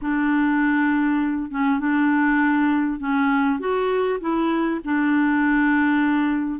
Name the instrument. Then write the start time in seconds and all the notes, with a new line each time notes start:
clarinet
0.01 D4
1.50 C#4
1.79 D4
2.99 C#4
3.59 F#4
4.20 E4
4.84 D4